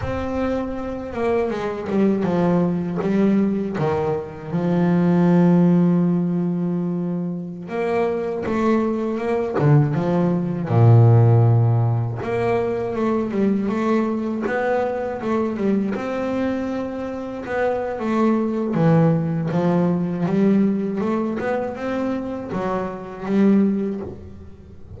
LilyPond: \new Staff \with { instrumentName = "double bass" } { \time 4/4 \tempo 4 = 80 c'4. ais8 gis8 g8 f4 | g4 dis4 f2~ | f2~ f16 ais4 a8.~ | a16 ais8 d8 f4 ais,4.~ ais,16~ |
ais,16 ais4 a8 g8 a4 b8.~ | b16 a8 g8 c'2 b8. | a4 e4 f4 g4 | a8 b8 c'4 fis4 g4 | }